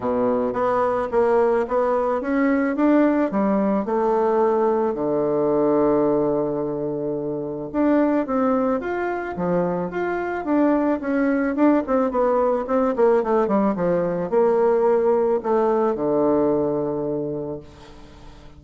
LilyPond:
\new Staff \with { instrumentName = "bassoon" } { \time 4/4 \tempo 4 = 109 b,4 b4 ais4 b4 | cis'4 d'4 g4 a4~ | a4 d2.~ | d2 d'4 c'4 |
f'4 f4 f'4 d'4 | cis'4 d'8 c'8 b4 c'8 ais8 | a8 g8 f4 ais2 | a4 d2. | }